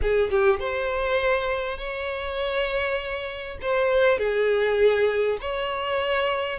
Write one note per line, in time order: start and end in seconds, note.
0.02 0.30 G#4
0.30 0.59 G4
0.59 1.78 C5
1.78 3.58 C#5
3.61 4.18 C5
4.18 5.38 G#4
5.40 6.59 C#5